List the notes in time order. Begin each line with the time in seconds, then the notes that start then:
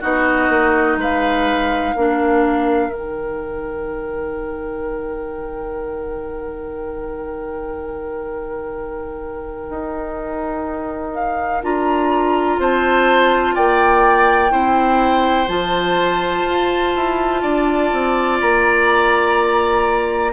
0.00 B3 D#4 F#4 D#5
0.49 A#3
0.97 G#3 B4 F5
1.95 A#3 D4 A#4
2.87 D#3 D#4
2.94 G5
9.70 D#4
11.14 F5
11.62 D4 F4 A#5
12.58 C4 C5 A5
13.55 A#3 D5 G5
14.49 C4 E4 C5
15.47 F3 F4 A5
16.45 F4
16.96 E4
17.42 D4 D5
17.92 C4
18.41 A#3 A#5